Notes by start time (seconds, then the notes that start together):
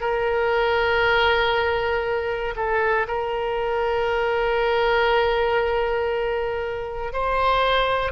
0.00 A#4
2.56 A4
3.07 A#4
7.12 C5